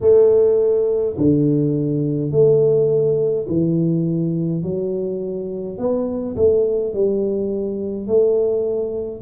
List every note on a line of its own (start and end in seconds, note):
0.01 1.16 A3
1.17 2.31 D3
2.31 3.46 A3
3.48 4.63 E3
4.63 5.77 F#3
5.77 6.35 B3
6.36 6.93 A3
6.93 8.07 G3
8.07 9.21 A3